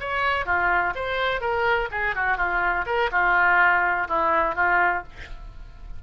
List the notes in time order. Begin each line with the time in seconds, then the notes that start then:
0.00 C#5
0.46 F4
0.95 C5
1.41 A#4
1.91 G#4
2.16 F#4
2.38 F4
2.86 A#4
3.12 F4
4.08 E4
4.56 F4